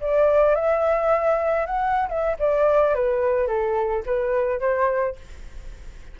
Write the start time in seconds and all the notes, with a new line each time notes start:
0.00 D5
0.55 E5
1.66 F#5
2.08 E5
2.39 D5
2.94 B4
3.47 A4
4.06 B4
4.59 C5